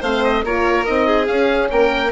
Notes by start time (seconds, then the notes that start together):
0.00 A3 C4 C5 F5
0.24 D#5
0.43 A#3 F4 A#4 C#5
0.85 C4 D#4 D#5
1.06 G#4
1.26 C#4 F5
1.70 A#3 A#4 G5